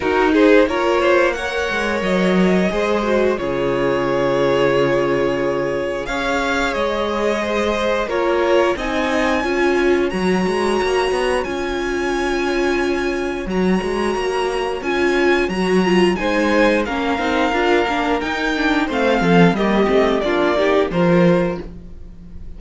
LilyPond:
<<
  \new Staff \with { instrumentName = "violin" } { \time 4/4 \tempo 4 = 89 ais'8 c''8 cis''4 fis''4 dis''4~ | dis''4 cis''2.~ | cis''4 f''4 dis''2 | cis''4 gis''2 ais''4~ |
ais''4 gis''2. | ais''2 gis''4 ais''4 | gis''4 f''2 g''4 | f''4 dis''4 d''4 c''4 | }
  \new Staff \with { instrumentName = "violin" } { \time 4/4 fis'8 gis'8 ais'8 c''8 cis''2 | c''4 gis'2.~ | gis'4 cis''2 c''4 | ais'4 dis''4 cis''2~ |
cis''1~ | cis''1 | c''4 ais'2. | c''8 a'8 g'4 f'8 g'8 ais'4 | }
  \new Staff \with { instrumentName = "viola" } { \time 4/4 dis'4 f'4 ais'2 | gis'8 fis'8 f'2.~ | f'4 gis'2. | f'4 dis'4 f'4 fis'4~ |
fis'4 f'2. | fis'2 f'4 fis'8 f'8 | dis'4 cis'8 dis'8 f'8 d'8 dis'8 d'8 | c'4 ais8 c'8 d'8 dis'8 f'4 | }
  \new Staff \with { instrumentName = "cello" } { \time 4/4 dis'4 ais4. gis8 fis4 | gis4 cis2.~ | cis4 cis'4 gis2 | ais4 c'4 cis'4 fis8 gis8 |
ais8 b8 cis'2. | fis8 gis8 ais4 cis'4 fis4 | gis4 ais8 c'8 d'8 ais8 dis'4 | a8 f8 g8 a8 ais4 f4 | }
>>